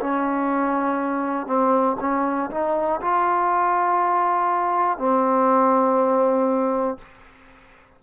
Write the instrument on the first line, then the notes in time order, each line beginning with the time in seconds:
trombone
0.00 C#4
1.47 C4
2.00 C#4
2.50 D#4
3.01 F4
4.99 C4